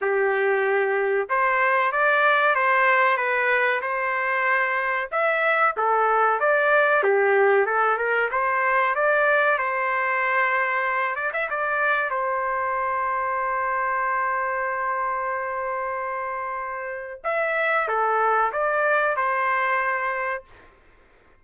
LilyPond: \new Staff \with { instrumentName = "trumpet" } { \time 4/4 \tempo 4 = 94 g'2 c''4 d''4 | c''4 b'4 c''2 | e''4 a'4 d''4 g'4 | a'8 ais'8 c''4 d''4 c''4~ |
c''4. d''16 e''16 d''4 c''4~ | c''1~ | c''2. e''4 | a'4 d''4 c''2 | }